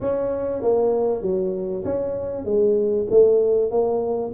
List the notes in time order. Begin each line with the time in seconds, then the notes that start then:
0.01 C#4
0.62 A#3
1.22 F#3
1.84 C#4
2.45 G#3
3.10 A3
3.70 A#3